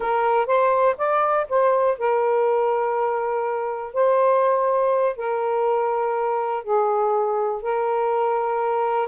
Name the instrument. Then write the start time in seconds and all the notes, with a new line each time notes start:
saxophone
0.00 A#4
0.46 C5
0.97 D5
1.49 C5
1.98 A#4
3.93 C5
5.16 A#4
6.63 G#4
7.62 A#4